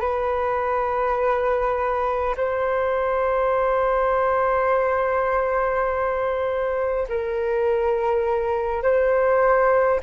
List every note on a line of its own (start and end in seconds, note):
0.00 2.35 B4
2.37 7.07 C5
7.09 8.82 A#4
8.82 10.00 C5